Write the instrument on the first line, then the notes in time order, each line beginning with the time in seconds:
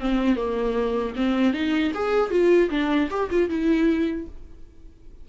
viola
0.00 C4
0.36 A#3
1.16 C4
1.53 D#4
1.94 G#4
2.31 F4
2.70 D4
3.10 G4
3.30 F4
3.49 E4